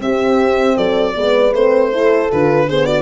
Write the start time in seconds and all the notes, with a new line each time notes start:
0.00 C4 G4 E5
0.76 F#3 A4 D5
1.15 G#3 B3 B4
1.53 A3 C4 C5
1.91 E4 A4
2.31 D3 F4 B4
2.68 B3 G#4 C5
2.86 F#4 D5